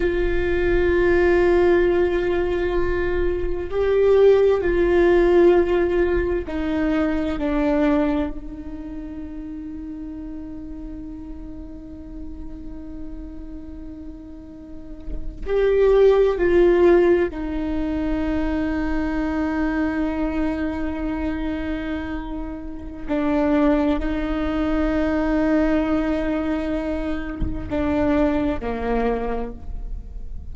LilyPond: \new Staff \with { instrumentName = "viola" } { \time 4/4 \tempo 4 = 65 f'1 | g'4 f'2 dis'4 | d'4 dis'2.~ | dis'1~ |
dis'8. g'4 f'4 dis'4~ dis'16~ | dis'1~ | dis'4 d'4 dis'2~ | dis'2 d'4 ais4 | }